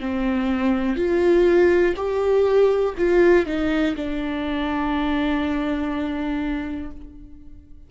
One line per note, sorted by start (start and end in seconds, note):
0.00 0.97 C4
0.97 1.95 F4
1.97 2.95 G4
2.98 3.46 F4
3.46 3.96 D#4
3.96 6.91 D4